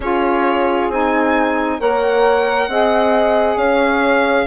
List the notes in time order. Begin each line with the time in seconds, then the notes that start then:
0.00 C#4 F4 G#4 C#5
0.89 C4 D#4 G#5
1.79 A#3 A#4 C#5 F#5
2.68 C4 G#4 D#5
3.56 C#4 C#5 F5